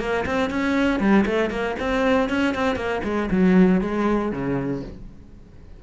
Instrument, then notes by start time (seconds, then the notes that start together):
cello
0.00 A#3
0.26 C4
0.51 C#4
1.00 G3
1.26 A3
1.50 A#3
1.80 C4
2.30 C#4
2.55 C4
2.76 A#3
3.04 G#3
3.31 F#3
3.81 G#3
4.32 C#3